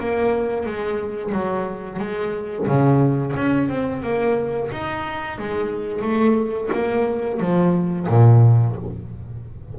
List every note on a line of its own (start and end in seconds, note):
0.00 0.66 A#3
0.66 1.32 G#3
1.32 2.00 F#3
2.00 2.67 G#3
2.68 3.35 C#3
3.37 3.69 C#4
3.69 4.03 C4
4.03 4.70 A#3
4.72 5.39 D#4
5.39 6.02 G#3
6.02 6.70 A3
6.73 7.40 A#3
7.40 8.08 F3
8.09 8.76 A#2